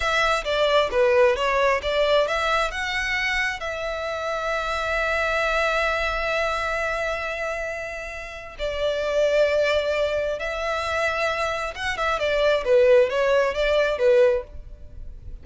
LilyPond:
\new Staff \with { instrumentName = "violin" } { \time 4/4 \tempo 4 = 133 e''4 d''4 b'4 cis''4 | d''4 e''4 fis''2 | e''1~ | e''1~ |
e''2. d''4~ | d''2. e''4~ | e''2 fis''8 e''8 d''4 | b'4 cis''4 d''4 b'4 | }